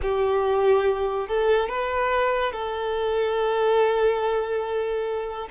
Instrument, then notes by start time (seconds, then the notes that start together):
violin
0.01 G4
1.28 A4
1.68 B4
2.52 A4